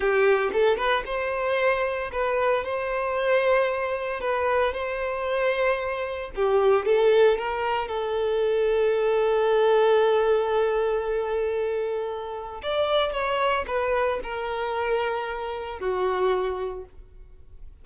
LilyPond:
\new Staff \with { instrumentName = "violin" } { \time 4/4 \tempo 4 = 114 g'4 a'8 b'8 c''2 | b'4 c''2. | b'4 c''2. | g'4 a'4 ais'4 a'4~ |
a'1~ | a'1 | d''4 cis''4 b'4 ais'4~ | ais'2 fis'2 | }